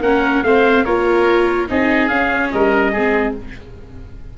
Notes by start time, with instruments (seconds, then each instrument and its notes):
0.00 tuba A#3, viola C#4, oboe A#4, trumpet F#5
0.43 tuba A3, viola C4, oboe C5, trumpet F5
0.85 tuba A#3, viola F4, oboe A#4, trumpet C#5
1.67 tuba C4, viola D#4, oboe G#4, trumpet D#5
2.08 tuba C#4, viola C#4, trumpet F5
2.51 tuba G3, oboe A#4, trumpet D#5
2.92 tuba G#3, viola C4, oboe G#4